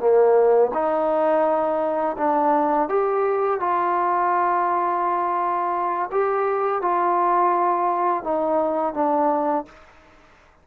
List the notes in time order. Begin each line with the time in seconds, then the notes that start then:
0.00 A#3
0.74 D#4
2.18 D4
2.89 G4
3.60 F4
6.12 G4
6.82 F4
8.23 D#4
8.94 D4